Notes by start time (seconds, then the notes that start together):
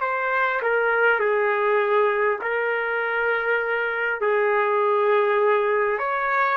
0.00 C5
0.62 A#4
1.19 G#4
2.41 A#4
4.21 G#4
5.98 C#5